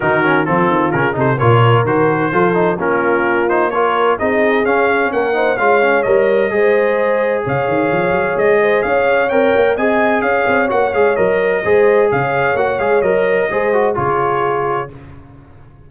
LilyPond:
<<
  \new Staff \with { instrumentName = "trumpet" } { \time 4/4 \tempo 4 = 129 ais'4 a'4 ais'8 c''8 cis''4 | c''2 ais'4. c''8 | cis''4 dis''4 f''4 fis''4 | f''4 dis''2. |
f''2 dis''4 f''4 | g''4 gis''4 f''4 fis''8 f''8 | dis''2 f''4 fis''8 f''8 | dis''2 cis''2 | }
  \new Staff \with { instrumentName = "horn" } { \time 4/4 fis'4 f'4. a'8 ais'4~ | ais'4 a'4 f'2 | ais'4 gis'2 ais'8 c''8 | cis''2 c''2 |
cis''2~ cis''8 c''8 cis''4~ | cis''4 dis''4 cis''2~ | cis''4 c''4 cis''2~ | cis''4 c''4 gis'2 | }
  \new Staff \with { instrumentName = "trombone" } { \time 4/4 dis'8 cis'8 c'4 cis'8 dis'8 f'4 | fis'4 f'8 dis'8 cis'4. dis'8 | f'4 dis'4 cis'4. dis'8 | f'8 cis'8 ais'4 gis'2~ |
gis'1 | ais'4 gis'2 fis'8 gis'8 | ais'4 gis'2 fis'8 gis'8 | ais'4 gis'8 fis'8 f'2 | }
  \new Staff \with { instrumentName = "tuba" } { \time 4/4 dis4 f8 dis8 cis8 c8 ais,4 | dis4 f4 ais2~ | ais4 c'4 cis'4 ais4 | gis4 g4 gis2 |
cis8 dis8 f8 fis8 gis4 cis'4 | c'8 ais8 c'4 cis'8 c'8 ais8 gis8 | fis4 gis4 cis4 ais8 gis8 | fis4 gis4 cis2 | }
>>